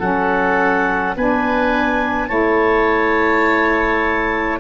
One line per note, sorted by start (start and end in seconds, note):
0.00 1.17 F#3
0.00 1.16 C#4
0.00 1.15 A4
0.00 1.16 F#5
1.17 2.31 B3
1.17 2.29 D4
1.17 2.29 B4
1.17 2.28 G#5
2.28 4.60 A3
2.28 4.60 E4
2.28 4.60 C#5
2.28 4.59 A5